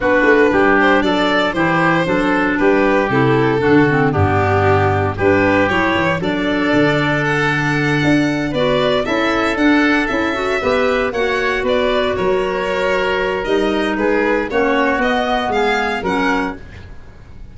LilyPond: <<
  \new Staff \with { instrumentName = "violin" } { \time 4/4 \tempo 4 = 116 b'4. c''8 d''4 c''4~ | c''4 b'4 a'2 | g'2 b'4 cis''4 | d''2 fis''2~ |
fis''8 d''4 e''4 fis''4 e''8~ | e''4. fis''4 d''4 cis''8~ | cis''2 dis''4 b'4 | cis''4 dis''4 f''4 fis''4 | }
  \new Staff \with { instrumentName = "oboe" } { \time 4/4 fis'4 g'4 a'4 g'4 | a'4 g'2 fis'4 | d'2 g'2 | a'1~ |
a'8 b'4 a'2~ a'8~ | a'8 b'4 cis''4 b'4 ais'8~ | ais'2. gis'4 | fis'2 gis'4 ais'4 | }
  \new Staff \with { instrumentName = "clarinet" } { \time 4/4 d'2. e'4 | d'2 e'4 d'8 c'8 | b2 d'4 e'4 | d'1~ |
d'8 fis'4 e'4 d'4 e'8 | fis'8 g'4 fis'2~ fis'8~ | fis'2 dis'2 | cis'4 b2 cis'4 | }
  \new Staff \with { instrumentName = "tuba" } { \time 4/4 b8 a8 g4 fis4 e4 | fis4 g4 c4 d4 | g,2 g4 fis8 e8 | fis4 d2~ d8 d'8~ |
d'8 b4 cis'4 d'4 cis'8~ | cis'8 b4 ais4 b4 fis8~ | fis2 g4 gis4 | ais4 b4 gis4 fis4 | }
>>